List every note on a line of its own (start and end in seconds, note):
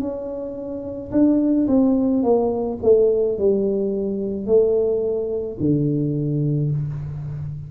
0.00 1.11 C#4
1.12 1.67 D4
1.68 2.23 C4
2.23 2.79 A#3
2.83 3.38 A3
3.38 4.46 G3
4.46 5.58 A3
5.60 6.71 D3